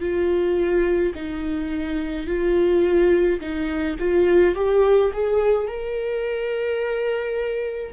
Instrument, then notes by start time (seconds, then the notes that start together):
viola
0.00 F4
1.15 D#4
2.27 F4
3.40 D#4
3.99 F4
4.55 G4
5.13 G#4
5.68 A#4